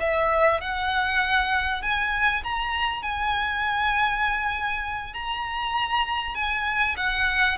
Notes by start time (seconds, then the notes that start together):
0.00 E5
0.61 F#5
1.82 G#5
2.44 A#5
3.02 G#5
5.13 A#5
6.35 G#5
6.97 F#5